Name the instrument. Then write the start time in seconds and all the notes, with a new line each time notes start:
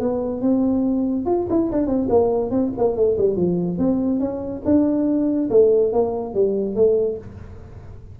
tuba
0.00 B3
0.41 C4
1.26 F4
1.50 E4
1.72 D4
1.87 C4
2.10 A#3
2.51 C4
2.78 A#3
2.96 A3
3.18 G3
3.36 F3
3.78 C4
4.20 C#4
4.65 D4
5.50 A3
5.93 A#3
6.34 G3
6.75 A3